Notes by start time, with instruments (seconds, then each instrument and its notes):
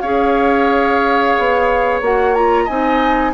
0.00 bassoon C#4, clarinet G#4, oboe C#5, flute F5
1.38 bassoon B3
2.01 bassoon A#3, clarinet F#4, flute F#5
2.34 clarinet F4, flute A#5
2.64 bassoon C4, clarinet D#4, oboe D#5, flute G#5